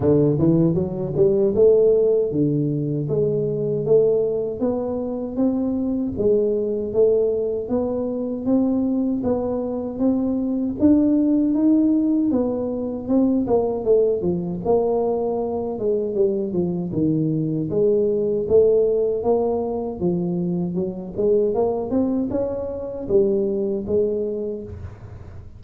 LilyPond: \new Staff \with { instrumentName = "tuba" } { \time 4/4 \tempo 4 = 78 d8 e8 fis8 g8 a4 d4 | gis4 a4 b4 c'4 | gis4 a4 b4 c'4 | b4 c'4 d'4 dis'4 |
b4 c'8 ais8 a8 f8 ais4~ | ais8 gis8 g8 f8 dis4 gis4 | a4 ais4 f4 fis8 gis8 | ais8 c'8 cis'4 g4 gis4 | }